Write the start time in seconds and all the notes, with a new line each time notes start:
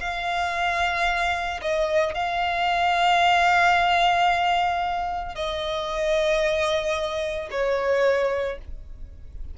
0.00 F5
1.62 D#5
2.14 F5
5.36 D#5
7.51 C#5